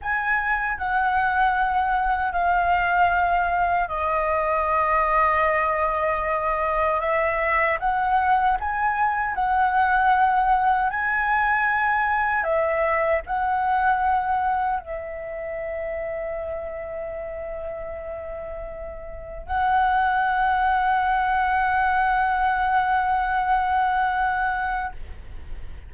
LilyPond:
\new Staff \with { instrumentName = "flute" } { \time 4/4 \tempo 4 = 77 gis''4 fis''2 f''4~ | f''4 dis''2.~ | dis''4 e''4 fis''4 gis''4 | fis''2 gis''2 |
e''4 fis''2 e''4~ | e''1~ | e''4 fis''2.~ | fis''1 | }